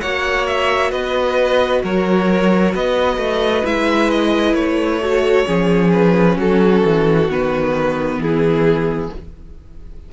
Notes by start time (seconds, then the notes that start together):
0.00 A#3 F#4 C#5 F#5
0.46 E5
0.91 B3 B4 D#5
1.83 F#3 A#4 C#5
2.74 B3 B4 D#5
3.17 A3
3.65 G#3 E4 E5
4.10 D#5
4.54 A3 C#5
5.02 F#4 A4
5.45 F3 C#4 G#4
5.92 B4
6.37 F#3 F#4 A4
6.85 E3
7.29 D#3 B3 B4
8.18 E3 E4 G#4